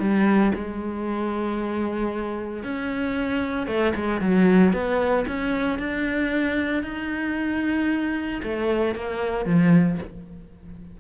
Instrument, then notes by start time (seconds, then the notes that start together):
cello
0.00 G3
0.55 G#3
2.64 C#4
3.67 A3
3.95 G#3
4.21 F#3
4.73 B3
5.28 C#4
5.79 D4
6.83 D#4
8.43 A3
8.95 A#3
9.46 F3